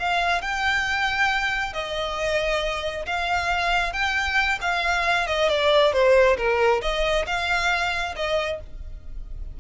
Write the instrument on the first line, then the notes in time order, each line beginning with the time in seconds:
violin
0.00 F5
0.42 G5
1.74 D#5
3.06 F5
3.93 G5
4.62 F5
5.27 D#5
5.49 D5
5.93 C5
6.37 A#4
6.82 D#5
7.27 F5
8.16 D#5